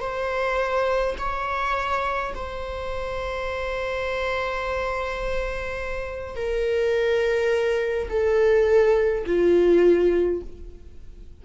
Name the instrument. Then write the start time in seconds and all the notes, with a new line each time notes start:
viola
0.00 C5
1.19 C#5
2.34 C5
6.36 A#4
8.09 A4
9.26 F4